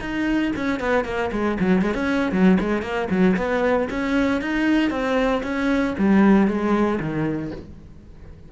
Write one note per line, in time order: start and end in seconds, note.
0.00 0.52 D#4
0.56 0.79 C#4
0.79 1.04 B3
1.04 1.30 A#3
1.31 1.57 G#3
1.59 1.81 F#3
1.81 1.94 G#3
1.94 2.32 C#4
2.32 2.57 F#3
2.60 2.82 G#3
2.82 3.08 A#3
3.10 3.36 F#3
3.36 3.88 B3
3.89 4.41 C#4
4.41 4.90 D#4
4.90 5.41 C4
5.42 5.94 C#4
5.98 6.47 G3
6.47 6.99 G#3
6.99 7.51 D#3